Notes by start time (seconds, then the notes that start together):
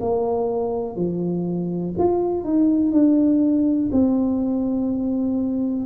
0.00 A#3
0.96 F3
1.98 F4
2.44 D#4
2.91 D4
3.91 C4